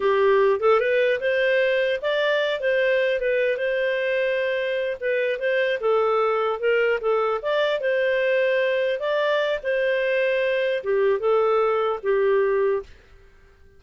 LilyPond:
\new Staff \with { instrumentName = "clarinet" } { \time 4/4 \tempo 4 = 150 g'4. a'8 b'4 c''4~ | c''4 d''4. c''4. | b'4 c''2.~ | c''8 b'4 c''4 a'4.~ |
a'8 ais'4 a'4 d''4 c''8~ | c''2~ c''8 d''4. | c''2. g'4 | a'2 g'2 | }